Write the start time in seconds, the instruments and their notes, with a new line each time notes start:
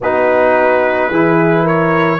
0.00 tuba B3, trombone D#4, horn F#4, trumpet B4
1.09 tuba E3, trombone E4, horn G#4
1.63 horn A#4, trumpet C#5